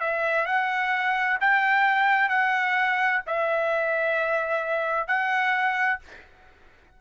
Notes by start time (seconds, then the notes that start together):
0.00 E5
0.46 F#5
1.41 G5
2.29 F#5
3.26 E5
5.07 F#5